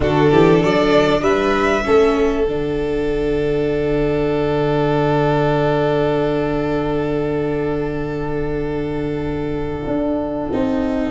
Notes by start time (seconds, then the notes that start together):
0.00 D3 D4 F#4 A4
0.31 E3 G4
0.59 F#3 A4 D5
1.21 G3 B4 E5
1.84 A3 C#4 A4
2.45 D3 D4 F#5
9.87 D4
10.52 C4 D#4